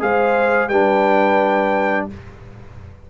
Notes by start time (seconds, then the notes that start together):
0.00 G#3 G#4 C5 F5
0.69 G3 D4 B4 G5